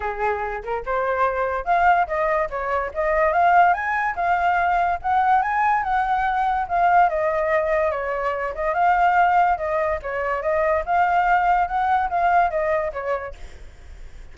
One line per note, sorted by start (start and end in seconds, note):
0.00 0.62 G#4
0.63 0.84 A#4
0.85 1.65 C5
1.65 2.06 F5
2.07 2.48 D#5
2.50 2.91 C#5
2.94 3.32 D#5
3.32 3.73 F5
3.73 4.15 G#5
4.15 4.99 F5
5.02 5.42 F#5
5.42 5.83 G#5
5.83 6.66 F#5
6.68 7.09 F5
7.09 7.91 D#5
7.91 8.53 C#5
8.54 8.74 D#5
8.74 9.57 F5
9.57 9.99 D#5
10.02 10.41 C#5
10.41 10.83 D#5
10.85 11.67 F5
11.67 12.09 F#5
12.09 12.50 F5
12.50 12.92 D#5
12.93 13.34 C#5